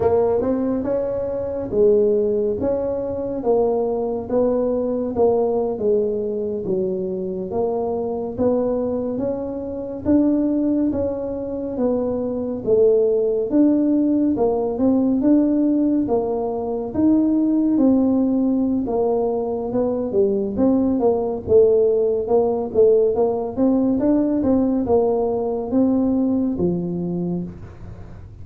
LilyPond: \new Staff \with { instrumentName = "tuba" } { \time 4/4 \tempo 4 = 70 ais8 c'8 cis'4 gis4 cis'4 | ais4 b4 ais8. gis4 fis16~ | fis8. ais4 b4 cis'4 d'16~ | d'8. cis'4 b4 a4 d'16~ |
d'8. ais8 c'8 d'4 ais4 dis'16~ | dis'8. c'4~ c'16 ais4 b8 g8 | c'8 ais8 a4 ais8 a8 ais8 c'8 | d'8 c'8 ais4 c'4 f4 | }